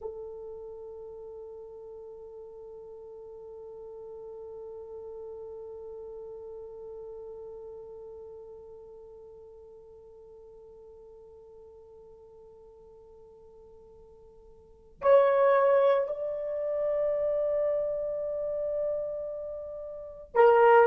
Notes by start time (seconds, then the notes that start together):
0.00 A4
15.01 C#5
16.07 D5
20.35 A#4